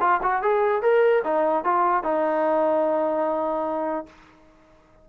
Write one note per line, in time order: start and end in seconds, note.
0.00 0.20 F4
0.22 0.42 F#4
0.42 0.82 G#4
0.82 1.23 A#4
1.24 1.64 D#4
1.64 2.03 F4
2.03 4.06 D#4